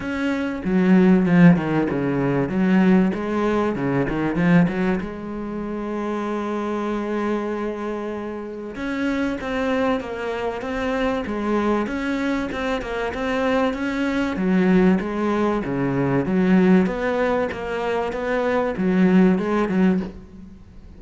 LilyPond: \new Staff \with { instrumentName = "cello" } { \time 4/4 \tempo 4 = 96 cis'4 fis4 f8 dis8 cis4 | fis4 gis4 cis8 dis8 f8 fis8 | gis1~ | gis2 cis'4 c'4 |
ais4 c'4 gis4 cis'4 | c'8 ais8 c'4 cis'4 fis4 | gis4 cis4 fis4 b4 | ais4 b4 fis4 gis8 fis8 | }